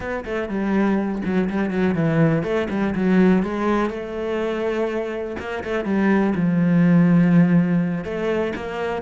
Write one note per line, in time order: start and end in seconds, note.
0.00 0.24 B3
0.24 0.48 A3
0.48 1.22 G3
1.24 1.49 F#3
1.49 1.70 G3
1.70 1.94 F#3
1.94 2.43 E3
2.43 2.67 A3
2.70 2.94 G3
2.95 3.42 F#3
3.42 3.90 G#3
3.90 5.36 A3
5.39 5.63 A#3
5.63 5.84 A3
5.84 6.33 G3
6.35 8.04 F3
8.04 8.53 A3
8.55 9.02 A#3